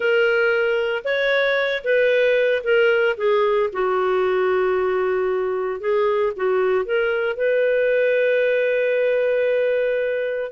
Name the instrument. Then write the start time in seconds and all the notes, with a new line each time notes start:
clarinet
0.00 A#4
1.04 C#5
1.83 B4
2.63 A#4
3.17 G#4
3.72 F#4
5.80 G#4
6.36 F#4
6.85 A#4
7.36 B4